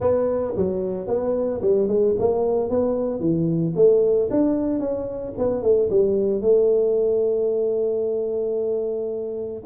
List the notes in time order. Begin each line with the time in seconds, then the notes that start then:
0.00 B3
0.56 F#3
1.07 B3
1.61 G3
1.87 G#3
2.18 A#3
2.69 B3
3.19 E3
3.75 A3
4.30 D4
4.79 C#4
5.37 B3
5.62 A3
5.90 G3
6.41 A3